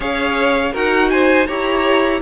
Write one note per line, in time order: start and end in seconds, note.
0.00 0.72 C#4
0.00 0.73 G#4
0.00 0.72 C#5
0.00 0.75 F5
0.72 1.48 D#4
0.72 1.47 F#4
0.72 1.09 A#4
0.72 1.09 F#5
1.09 1.46 C5
1.09 1.46 G#5
1.46 2.21 E4
1.46 2.21 G4
1.46 2.21 C#5
1.46 2.20 A#5